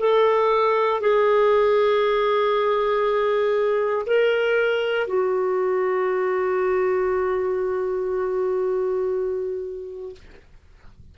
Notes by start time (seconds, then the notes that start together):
0.00 A4
1.01 G#4
4.06 A#4
5.08 F#4